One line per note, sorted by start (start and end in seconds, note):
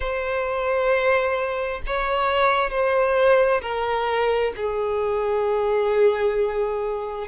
0.00 1.81 C5
1.86 2.70 C#5
2.70 3.61 C5
3.61 4.52 A#4
4.56 7.27 G#4